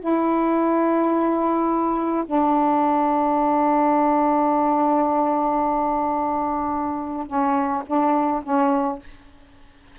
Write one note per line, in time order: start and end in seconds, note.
0.00 2.24 E4
2.26 7.27 D4
7.27 7.83 C#4
7.86 8.42 D4
8.43 8.99 C#4